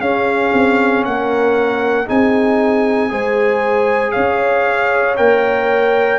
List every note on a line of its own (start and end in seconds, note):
0.00 0.52 C#4
0.00 2.06 C#4
0.00 1.05 G#4
0.00 1.04 F5
0.53 1.05 C4
1.05 2.09 A#3
1.05 2.07 A#4
1.05 2.08 F#5
2.06 3.12 C4
2.06 3.09 D#4
2.06 3.10 G#4
2.06 4.12 G#5
3.09 4.15 G#3
3.09 5.16 G#4
3.09 4.13 C5
4.12 5.19 C#4
4.12 6.19 C#5
4.12 5.15 F5
5.17 6.19 A#3
5.17 6.19 A#4
5.17 6.19 G5